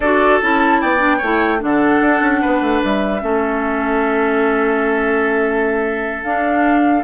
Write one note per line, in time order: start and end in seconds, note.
0.00 0.40 D4
0.00 0.42 F#4
0.00 0.81 A4
0.00 0.40 D5
0.41 0.82 C#4
0.41 0.98 E4
0.41 0.81 A5
0.81 1.22 B3
0.81 1.17 D5
0.81 1.61 G5
0.98 1.18 D4
1.17 1.62 A3
1.17 1.59 E4
1.17 1.57 C#5
1.59 2.00 D3
1.59 3.20 D4
1.59 2.83 F#5
1.65 2.41 A4
2.00 2.21 D4
2.21 2.41 C#4
2.41 2.61 B3
2.41 3.21 B4
2.61 2.81 A3
2.83 3.22 G3
2.83 6.23 E5
3.20 6.23 A3
3.20 6.22 C#4
3.20 7.03 A4
6.23 7.03 D4
6.23 7.03 F5